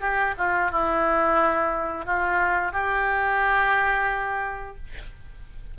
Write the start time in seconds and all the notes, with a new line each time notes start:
0.00 G4
0.37 F4
0.71 E4
2.05 F4
2.72 G4